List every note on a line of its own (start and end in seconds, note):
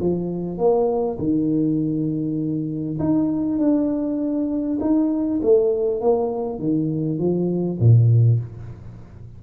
0.00 0.58 F3
0.58 1.18 A#3
1.19 2.99 D#3
3.00 3.59 D#4
3.59 4.79 D4
4.81 5.41 D#4
5.42 6.01 A3
6.01 6.59 A#3
6.59 7.19 D#3
7.19 7.79 F3
7.80 8.40 A#2